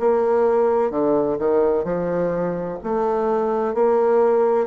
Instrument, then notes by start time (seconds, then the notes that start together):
bassoon
0.00 A#3
0.91 D3
1.39 D#3
1.85 F3
2.84 A3
3.75 A#3